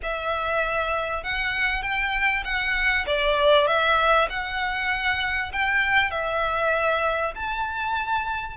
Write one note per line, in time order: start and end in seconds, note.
0.03 1.23 E5
1.23 1.82 F#5
1.82 2.43 G5
2.44 3.05 F#5
3.06 3.67 D5
3.67 4.28 E5
4.29 5.52 F#5
5.52 6.11 G5
6.11 7.33 E5
7.35 8.57 A5